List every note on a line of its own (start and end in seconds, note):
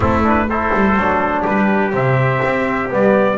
0.00 0.70 A3
0.00 0.23 C4
0.00 0.47 E4
0.00 0.22 A4
0.23 0.47 D4
0.23 0.49 B4
0.49 0.99 E4
0.49 1.41 A4
0.49 1.45 C5
0.73 0.96 G3
0.96 1.44 F#3
0.96 1.91 D4
1.41 3.34 G4
1.41 1.93 B4
1.47 1.93 G3
1.91 2.41 C3
1.91 2.88 C4
1.91 2.92 E5
2.44 2.92 C4
2.90 3.37 G3
2.90 3.37 B3
2.90 3.37 D5